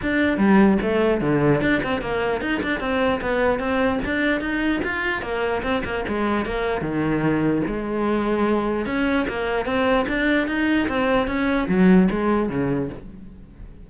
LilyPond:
\new Staff \with { instrumentName = "cello" } { \time 4/4 \tempo 4 = 149 d'4 g4 a4 d4 | d'8 c'8 ais4 dis'8 d'8 c'4 | b4 c'4 d'4 dis'4 | f'4 ais4 c'8 ais8 gis4 |
ais4 dis2 gis4~ | gis2 cis'4 ais4 | c'4 d'4 dis'4 c'4 | cis'4 fis4 gis4 cis4 | }